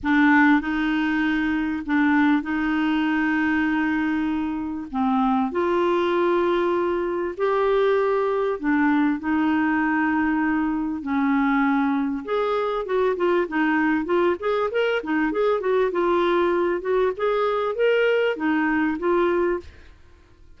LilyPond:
\new Staff \with { instrumentName = "clarinet" } { \time 4/4 \tempo 4 = 98 d'4 dis'2 d'4 | dis'1 | c'4 f'2. | g'2 d'4 dis'4~ |
dis'2 cis'2 | gis'4 fis'8 f'8 dis'4 f'8 gis'8 | ais'8 dis'8 gis'8 fis'8 f'4. fis'8 | gis'4 ais'4 dis'4 f'4 | }